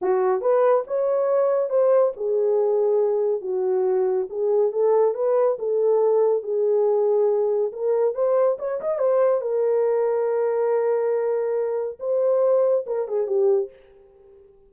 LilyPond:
\new Staff \with { instrumentName = "horn" } { \time 4/4 \tempo 4 = 140 fis'4 b'4 cis''2 | c''4 gis'2. | fis'2 gis'4 a'4 | b'4 a'2 gis'4~ |
gis'2 ais'4 c''4 | cis''8 dis''8 c''4 ais'2~ | ais'1 | c''2 ais'8 gis'8 g'4 | }